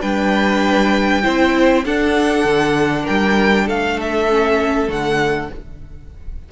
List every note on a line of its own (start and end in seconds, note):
0.00 1.25 G3
0.00 1.22 D4
0.00 1.22 B4
0.00 1.85 G5
1.22 1.85 C4
1.22 1.84 E4
1.22 1.84 C5
1.85 2.45 D4
1.85 4.30 D4
1.85 3.03 A4
1.85 3.07 F#5
2.45 3.06 D3
3.03 3.64 A#4
3.03 3.68 G5
3.09 3.69 G3
3.66 4.89 A3
3.66 5.49 A4
3.66 4.00 F5
4.01 4.90 E5
4.30 4.88 C#4
4.88 5.50 D3
4.88 5.49 A3
4.88 5.52 F#5